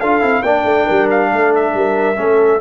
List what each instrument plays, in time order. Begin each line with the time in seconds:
0.00 tuba D4, trombone F4, horn A4, trumpet F5
0.21 tuba C4, trombone E4
0.42 tuba A#3, trombone D4, horn D5, trumpet G5
0.64 tuba A3
0.86 tuba G3, horn A#4
1.10 trumpet F5
1.32 tuba A3, horn A4
1.55 trumpet E5
1.74 tuba G3, horn A#4
2.16 tuba A3, trombone C#4, horn A4